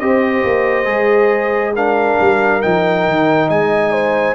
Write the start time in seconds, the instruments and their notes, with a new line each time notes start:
0.00 tuba C4, trombone G4, horn C5, trumpet D#5
0.44 tuba A#3
0.85 tuba G#3, trombone G#4
1.75 trombone D4, horn A#4, trumpet F5
2.20 tuba G3
2.62 tuba F3, trombone D#4, trumpet G5
3.07 tuba D#3
3.48 tuba G#3, horn D#5, trumpet G#5
3.92 horn C5